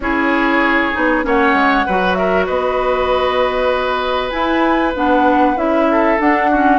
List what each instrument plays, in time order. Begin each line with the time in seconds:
0.00 bassoon C#4, clarinet E4, oboe G#4, flute C#5
0.93 bassoon B3, clarinet D#4
1.23 bassoon A#3, clarinet C#4, oboe C#5, flute F#5
1.53 bassoon G#3
1.86 bassoon F#3, clarinet F#4, oboe B4
2.14 oboe A#4, flute E5
2.45 bassoon B3, oboe B4, flute D#5
4.30 clarinet E4, bassoon E4, flute G#5
4.95 bassoon B3, clarinet D4, flute F#5
5.56 bassoon C#4, clarinet E4, flute E5
5.91 oboe A4
6.19 clarinet D4, bassoon D4, flute F#5
6.50 clarinet C#4, oboe F#4